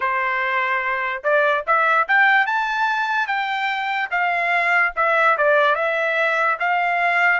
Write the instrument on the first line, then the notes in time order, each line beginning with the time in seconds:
trumpet
0.00 C5
1.23 D5
1.66 E5
2.08 G5
2.46 A5
3.27 G5
4.11 F5
4.95 E5
5.37 D5
5.75 E5
6.59 F5